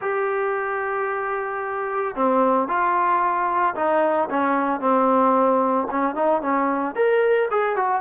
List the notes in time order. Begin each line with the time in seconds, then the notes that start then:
0.01 G4
2.15 C4
2.67 F4
3.75 D#4
4.30 C#4
4.80 C4
5.90 C#4
6.15 D#4
6.41 C#4
6.95 A#4
7.50 G#4
7.76 F#4